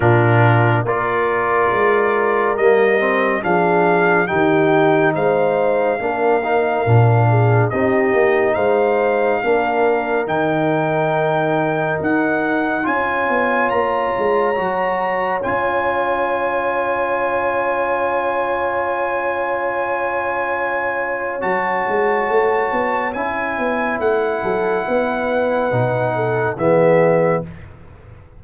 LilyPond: <<
  \new Staff \with { instrumentName = "trumpet" } { \time 4/4 \tempo 4 = 70 ais'4 d''2 dis''4 | f''4 g''4 f''2~ | f''4 dis''4 f''2 | g''2 fis''4 gis''4 |
ais''2 gis''2~ | gis''1~ | gis''4 a''2 gis''4 | fis''2. e''4 | }
  \new Staff \with { instrumentName = "horn" } { \time 4/4 f'4 ais'2. | gis'4 g'4 c''4 ais'4~ | ais'8 gis'8 g'4 c''4 ais'4~ | ais'2. cis''4~ |
cis''1~ | cis''1~ | cis''1~ | cis''8 a'8 b'4. a'8 gis'4 | }
  \new Staff \with { instrumentName = "trombone" } { \time 4/4 d'4 f'2 ais8 c'8 | d'4 dis'2 d'8 dis'8 | d'4 dis'2 d'4 | dis'2. f'4~ |
f'4 fis'4 f'2~ | f'1~ | f'4 fis'2 e'4~ | e'2 dis'4 b4 | }
  \new Staff \with { instrumentName = "tuba" } { \time 4/4 ais,4 ais4 gis4 g4 | f4 dis4 gis4 ais4 | ais,4 c'8 ais8 gis4 ais4 | dis2 dis'4 cis'8 b8 |
ais8 gis8 fis4 cis'2~ | cis'1~ | cis'4 fis8 gis8 a8 b8 cis'8 b8 | a8 fis8 b4 b,4 e4 | }
>>